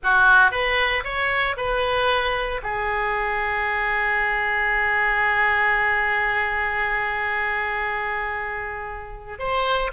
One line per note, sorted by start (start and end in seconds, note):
0.03 0.51 F#4
0.51 1.03 B4
1.04 1.56 C#5
1.57 2.61 B4
2.62 9.38 G#4
9.38 9.91 C5